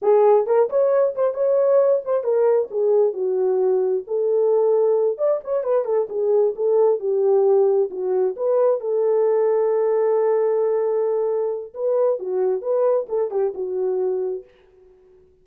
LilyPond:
\new Staff \with { instrumentName = "horn" } { \time 4/4 \tempo 4 = 133 gis'4 ais'8 cis''4 c''8 cis''4~ | cis''8 c''8 ais'4 gis'4 fis'4~ | fis'4 a'2~ a'8 d''8 | cis''8 b'8 a'8 gis'4 a'4 g'8~ |
g'4. fis'4 b'4 a'8~ | a'1~ | a'2 b'4 fis'4 | b'4 a'8 g'8 fis'2 | }